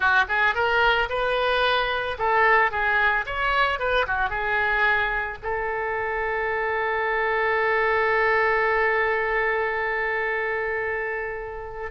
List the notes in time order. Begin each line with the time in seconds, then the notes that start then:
0.00 F#4
0.28 G#4
0.54 A#4
1.09 B4
2.18 A4
2.71 G#4
3.26 C#5
3.79 B4
4.07 F#4
4.29 G#4
5.42 A4